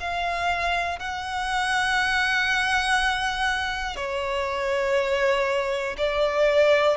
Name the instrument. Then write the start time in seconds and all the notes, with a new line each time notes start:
violin
0.00 F5
0.99 F#5
3.96 C#5
5.98 D5